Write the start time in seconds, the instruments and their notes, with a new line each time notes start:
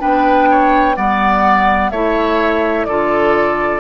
0.00 bassoon B3, clarinet D4, oboe B4, flute G5
0.51 oboe C#5
0.96 bassoon G3, clarinet B3, oboe D5, flute F#5
1.90 bassoon A3, clarinet E4, oboe C#5, flute E5
2.85 bassoon D3, clarinet F4, oboe A4, flute D5